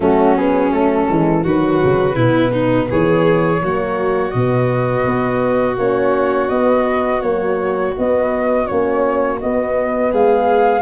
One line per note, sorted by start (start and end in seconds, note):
0.00 1.07 F#3
0.00 0.36 A3
0.00 1.43 C#4
0.00 0.37 F#4
0.36 0.70 B3
0.36 0.72 G#4
0.70 1.07 A3
0.70 1.44 A4
1.07 1.44 E3
1.07 1.43 G#3
1.43 1.81 D#3
1.43 2.14 F#3
1.43 2.15 F#4
1.43 2.91 B4
1.83 2.16 C#3
2.14 2.88 B2
2.14 3.59 B3
2.14 2.51 E4
2.52 2.88 D#4
2.90 3.61 E3
2.90 3.62 G#4
2.90 4.31 C#5
3.61 4.33 F#3
3.61 4.33 A#3
3.61 10.11 F#4
4.31 5.05 B2
4.31 5.78 B3
4.31 5.75 D#5
5.05 5.77 B3
5.77 6.49 A#3
5.77 6.50 C#4
5.77 6.48 C#5
6.48 7.22 B3
6.48 7.21 D#5
7.21 7.96 F#3
7.21 7.94 A#3
7.21 7.94 C#5
7.97 8.66 B3
7.97 8.70 B3
7.97 8.66 D#5
8.66 9.42 A#3
8.66 9.38 C#4
8.66 9.39 C#5
9.40 10.81 B3
9.40 10.13 B3
9.40 10.12 D#5
10.11 10.81 G#3
10.11 10.81 G#4
10.11 10.81 F5